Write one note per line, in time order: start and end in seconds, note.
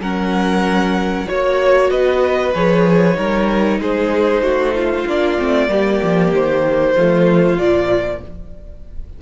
0.00 1.26 F#3
0.00 1.26 C#4
0.00 1.27 A#4
0.00 1.28 F#5
1.26 1.91 A#3
1.26 2.52 F#4
1.26 1.91 C#5
1.91 2.54 B3
1.91 3.17 B4
1.91 2.54 D#5
2.54 3.17 F3
2.54 3.14 G#4
2.54 3.81 C#5
3.14 3.79 G3
3.14 5.04 D#4
3.14 3.80 A#4
3.79 4.41 G#3
3.79 4.43 G#4
3.79 5.08 C5
4.41 5.04 A3
4.41 4.75 F#4
4.75 5.70 F4
5.07 5.39 A#3
5.07 5.38 D4
5.07 6.35 D5
5.38 5.69 A3
5.38 5.68 C4
5.68 6.01 G3
5.68 6.94 A#3
5.68 6.96 G4
6.03 6.32 F3
6.32 6.96 D#3
6.32 7.59 C5
6.96 7.58 F3
6.96 7.58 A3
6.96 8.22 F4
7.58 8.21 A#2
7.58 8.22 F3
7.58 8.22 D5